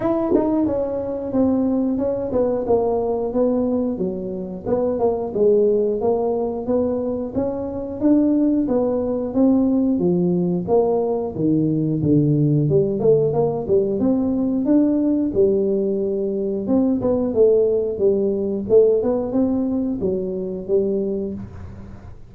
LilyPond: \new Staff \with { instrumentName = "tuba" } { \time 4/4 \tempo 4 = 90 e'8 dis'8 cis'4 c'4 cis'8 b8 | ais4 b4 fis4 b8 ais8 | gis4 ais4 b4 cis'4 | d'4 b4 c'4 f4 |
ais4 dis4 d4 g8 a8 | ais8 g8 c'4 d'4 g4~ | g4 c'8 b8 a4 g4 | a8 b8 c'4 fis4 g4 | }